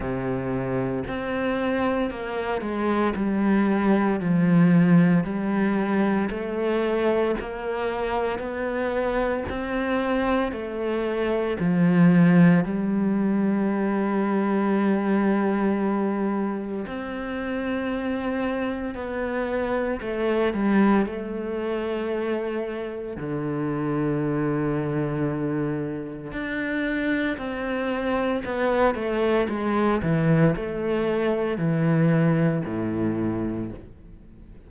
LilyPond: \new Staff \with { instrumentName = "cello" } { \time 4/4 \tempo 4 = 57 c4 c'4 ais8 gis8 g4 | f4 g4 a4 ais4 | b4 c'4 a4 f4 | g1 |
c'2 b4 a8 g8 | a2 d2~ | d4 d'4 c'4 b8 a8 | gis8 e8 a4 e4 a,4 | }